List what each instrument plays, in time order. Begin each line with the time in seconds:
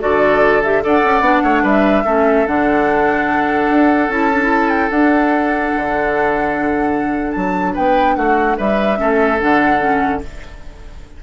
0.00 bassoon D3, clarinet F#4, oboe A4, flute D5
0.62 clarinet G4, flute E5
0.81 bassoon D4, clarinet A4, oboe D5, flute F#5
1.04 bassoon C#4
1.20 bassoon B3, clarinet D4
1.43 bassoon A3, oboe C#5
1.62 bassoon G3, oboe B4, flute E5
2.04 bassoon A3, clarinet C#4, oboe A4
2.46 bassoon D3, clarinet D4, flute F#5
3.69 bassoon D4
4.08 bassoon C#4, clarinet E4, flute A5
4.33 clarinet D4
4.42 clarinet E4
4.69 flute G5
4.90 bassoon D4, clarinet D4, flute F#5
5.76 bassoon D3
7.31 bassoon F#3, flute A5
7.73 bassoon B3, oboe B4, flute G5
8.15 bassoon A3, oboe F#4, flute F#5
8.57 bassoon G3, oboe B4, flute E5
8.96 bassoon A3, clarinet C#4, oboe A4
9.39 bassoon D3, clarinet D4, flute F#5
9.79 clarinet C#4